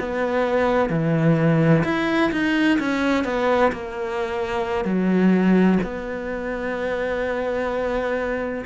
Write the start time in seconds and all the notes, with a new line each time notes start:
0.00 B3
0.90 E3
1.85 E4
2.32 D#4
2.79 C#4
3.25 B3
3.72 A#3
4.85 F#3
5.83 B3